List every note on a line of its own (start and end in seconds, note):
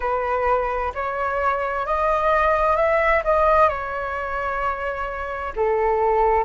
0.00 0.92 B4
0.94 1.86 C#5
1.86 2.76 D#5
2.76 3.22 E5
3.23 3.68 D#5
3.68 5.53 C#5
5.56 6.44 A4